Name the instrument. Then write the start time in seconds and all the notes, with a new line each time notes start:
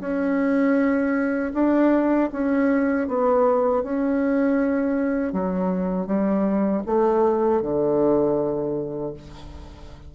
bassoon
0.00 C#4
1.54 D4
2.32 C#4
3.08 B3
3.83 C#4
5.32 F#3
6.06 G3
6.86 A3
7.62 D3